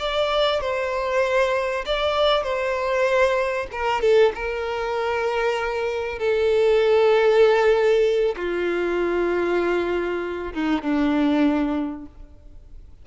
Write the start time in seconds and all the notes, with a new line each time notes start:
0.00 D5
0.61 C5
1.86 D5
2.44 C5
3.73 A#4
4.02 A4
4.35 A#4
6.19 A4
8.37 F4
10.54 D#4
10.82 D4